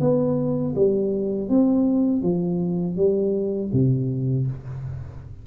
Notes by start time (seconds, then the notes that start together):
0.00 B3
0.75 G3
1.49 C4
2.22 F3
2.96 G3
3.72 C3